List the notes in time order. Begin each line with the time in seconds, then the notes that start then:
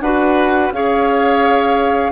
0.00 D4 F#4 B4 F#5
0.71 C#4 G#4 C#5 F5